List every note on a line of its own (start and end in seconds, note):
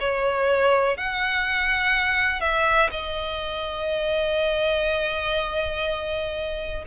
0.00 0.97 C#5
0.97 2.41 F#5
2.41 2.90 E5
2.92 6.85 D#5